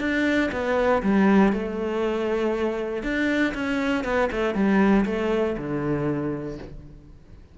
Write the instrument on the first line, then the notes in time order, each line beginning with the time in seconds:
cello
0.00 D4
0.52 B3
1.03 G3
1.53 A3
3.03 D4
3.54 C#4
4.04 B3
4.32 A3
4.55 G3
5.06 A3
5.57 D3